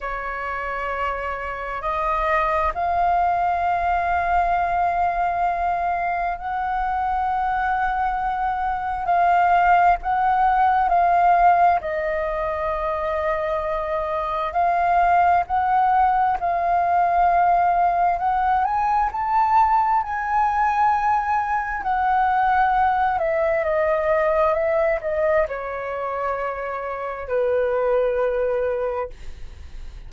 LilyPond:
\new Staff \with { instrumentName = "flute" } { \time 4/4 \tempo 4 = 66 cis''2 dis''4 f''4~ | f''2. fis''4~ | fis''2 f''4 fis''4 | f''4 dis''2. |
f''4 fis''4 f''2 | fis''8 gis''8 a''4 gis''2 | fis''4. e''8 dis''4 e''8 dis''8 | cis''2 b'2 | }